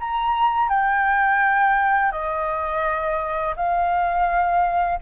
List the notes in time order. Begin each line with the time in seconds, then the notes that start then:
0.00 A#5
0.69 G5
2.12 D#5
3.56 F5